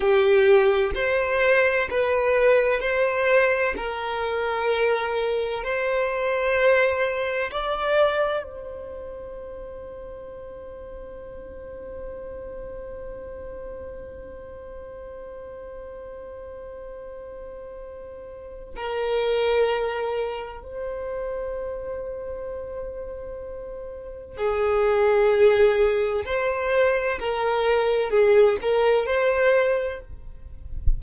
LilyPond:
\new Staff \with { instrumentName = "violin" } { \time 4/4 \tempo 4 = 64 g'4 c''4 b'4 c''4 | ais'2 c''2 | d''4 c''2.~ | c''1~ |
c''1 | ais'2 c''2~ | c''2 gis'2 | c''4 ais'4 gis'8 ais'8 c''4 | }